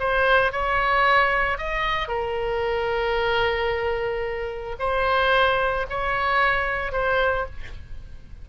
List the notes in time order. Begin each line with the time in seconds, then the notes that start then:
0.00 C5
0.53 C#5
1.58 D#5
2.08 A#4
4.80 C5
5.90 C#5
6.92 C5